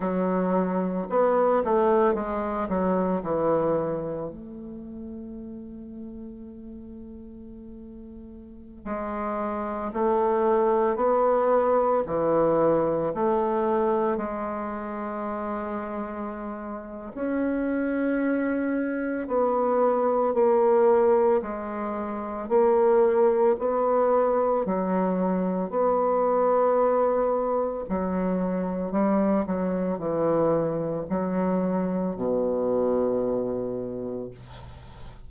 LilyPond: \new Staff \with { instrumentName = "bassoon" } { \time 4/4 \tempo 4 = 56 fis4 b8 a8 gis8 fis8 e4 | a1~ | a16 gis4 a4 b4 e8.~ | e16 a4 gis2~ gis8. |
cis'2 b4 ais4 | gis4 ais4 b4 fis4 | b2 fis4 g8 fis8 | e4 fis4 b,2 | }